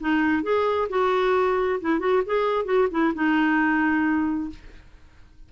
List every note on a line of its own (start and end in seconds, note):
0.00 0.43 D#4
0.43 0.88 G#4
0.89 1.79 F#4
1.80 1.99 E4
1.99 2.22 F#4
2.26 2.65 G#4
2.65 2.88 F#4
2.91 3.13 E4
3.14 4.50 D#4